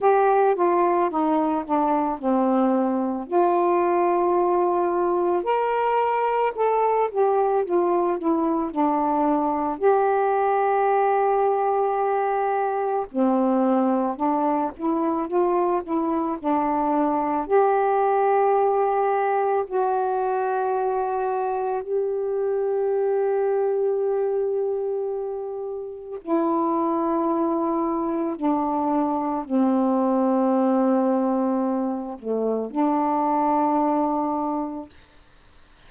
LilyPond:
\new Staff \with { instrumentName = "saxophone" } { \time 4/4 \tempo 4 = 55 g'8 f'8 dis'8 d'8 c'4 f'4~ | f'4 ais'4 a'8 g'8 f'8 e'8 | d'4 g'2. | c'4 d'8 e'8 f'8 e'8 d'4 |
g'2 fis'2 | g'1 | e'2 d'4 c'4~ | c'4. a8 d'2 | }